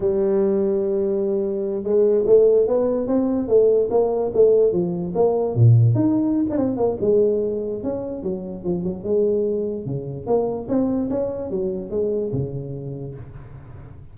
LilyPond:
\new Staff \with { instrumentName = "tuba" } { \time 4/4 \tempo 4 = 146 g1~ | g8 gis4 a4 b4 c'8~ | c'8 a4 ais4 a4 f8~ | f8 ais4 ais,4 dis'4~ dis'16 d'16 |
c'8 ais8 gis2 cis'4 | fis4 f8 fis8 gis2 | cis4 ais4 c'4 cis'4 | fis4 gis4 cis2 | }